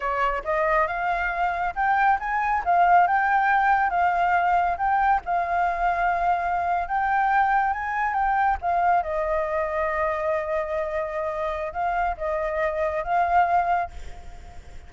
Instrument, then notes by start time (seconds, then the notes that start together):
flute
0.00 C#5
0.44 D#5
0.87 F5
1.75 G5
2.19 G#5
2.64 F5
3.07 G5
3.90 F5
4.77 G5
5.25 F5
6.88 G5
7.73 G#5
8.13 G5
8.61 F5
9.02 D#5
11.72 F5
12.17 D#5
13.03 F5